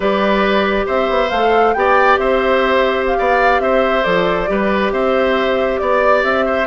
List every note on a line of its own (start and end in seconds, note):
0.00 0.85 G3
0.00 1.30 G4
0.00 0.86 B4
0.00 0.86 D5
0.86 1.09 C4
0.86 1.73 C5
0.86 1.29 E5
1.09 1.31 B3
1.29 1.75 A3
1.29 1.76 A4
1.29 1.73 F5
1.73 2.17 B3
1.73 4.03 G4
1.73 2.20 D5
1.73 2.17 G5
2.17 3.16 C4
2.17 3.17 C5
2.17 3.05 E5
3.06 3.60 F5
3.17 3.59 B3
3.17 3.61 D5
3.59 4.03 C4
3.59 4.50 C5
3.59 4.03 E5
4.03 4.49 F3
4.03 4.47 A4
4.03 4.91 D5
4.47 4.91 G3
4.47 6.66 G4
4.47 4.92 B4
4.91 5.79 C4
4.91 5.80 C5
4.91 5.79 E5
5.79 6.23 B3
5.79 6.22 D5
5.79 6.45 D5
6.23 6.67 C4
6.23 6.67 E5
6.45 6.67 C5